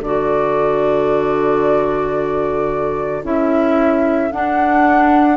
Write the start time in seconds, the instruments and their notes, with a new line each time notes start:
0.00 bassoon D3, clarinet F#4, saxophone A4, flute D5
3.23 bassoon C#4, clarinet E4, flute E5
4.31 clarinet D4, bassoon D4, flute F#5